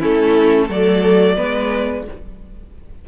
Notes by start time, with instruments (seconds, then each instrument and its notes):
0.00 cello A3, viola C#4, violin E4 A4
0.68 cello F#3, viola A3, violin A4 D5
1.37 cello G#3, viola B3, violin B4